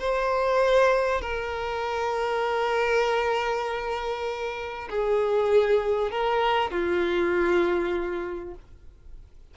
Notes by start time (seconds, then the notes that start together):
0.00 C5
1.21 A#4
4.90 G#4
6.11 A#4
6.71 F4